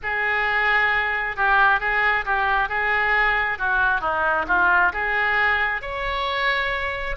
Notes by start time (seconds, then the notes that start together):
0.02 G#4
1.36 G4
1.80 G#4
2.25 G4
2.68 G#4
3.58 F#4
4.01 D#4
4.47 F4
4.92 G#4
5.81 C#5